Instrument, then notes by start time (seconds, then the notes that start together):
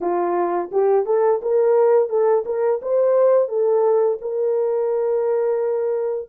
horn
0.00 F4
0.71 G4
1.05 A4
1.41 A#4
2.09 A4
2.45 A#4
2.82 C5
3.48 A4
4.21 A#4